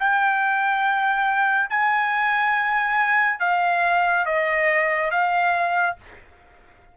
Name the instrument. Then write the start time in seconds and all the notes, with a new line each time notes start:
trumpet
0.00 G5
1.70 G#5
3.40 F5
4.26 D#5
5.11 F5